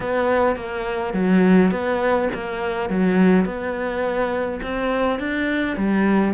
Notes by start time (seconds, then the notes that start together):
0.00 B3
0.56 A#3
1.13 F#3
1.71 B3
2.34 A#3
2.89 F#3
3.45 B3
4.62 C4
5.19 D4
5.76 G3